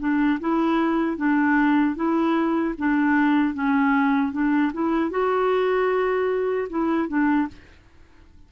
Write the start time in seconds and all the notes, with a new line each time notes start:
0.00 D4
0.41 E4
1.17 D4
1.96 E4
2.78 D4
3.54 C#4
4.33 D4
4.73 E4
5.10 F#4
6.70 E4
7.08 D4